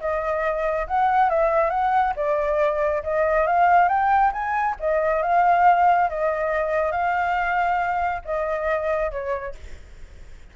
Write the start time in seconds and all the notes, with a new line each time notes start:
0.00 D#5
0.87 F#5
1.30 E5
1.70 F#5
2.16 D5
3.03 D#5
3.47 F5
3.88 G5
4.32 G#5
4.80 D#5
5.23 F5
6.09 D#5
6.92 F5
8.25 D#5
9.11 C#5